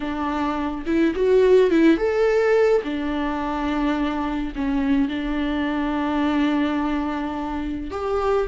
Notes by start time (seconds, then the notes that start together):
0.00 D4
0.85 E4
1.15 F#4
1.70 E4
1.97 A4
2.83 D4
4.55 C#4
5.08 D4
7.90 G4